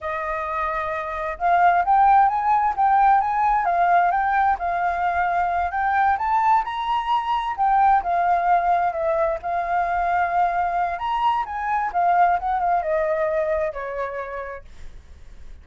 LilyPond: \new Staff \with { instrumentName = "flute" } { \time 4/4 \tempo 4 = 131 dis''2. f''4 | g''4 gis''4 g''4 gis''4 | f''4 g''4 f''2~ | f''8 g''4 a''4 ais''4.~ |
ais''8 g''4 f''2 e''8~ | e''8 f''2.~ f''8 | ais''4 gis''4 f''4 fis''8 f''8 | dis''2 cis''2 | }